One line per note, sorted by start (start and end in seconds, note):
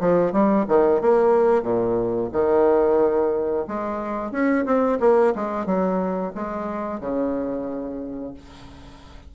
0.00 0.32 F3
0.32 0.65 G3
0.68 1.01 D#3
1.01 1.63 A#3
1.63 2.29 A#2
2.32 3.66 D#3
3.67 4.32 G#3
4.32 4.65 C#4
4.65 4.99 C4
5.00 5.33 A#3
5.35 5.66 G#3
5.66 6.33 F#3
6.35 7.00 G#3
7.00 8.34 C#3